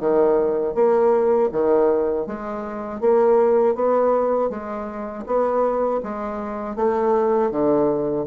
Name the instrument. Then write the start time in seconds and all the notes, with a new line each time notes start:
bassoon
0.00 D#3
0.75 A#3
1.52 D#3
2.26 G#3
3.01 A#3
3.75 B3
4.50 G#3
5.26 B3
6.03 G#3
6.76 A3
7.51 D3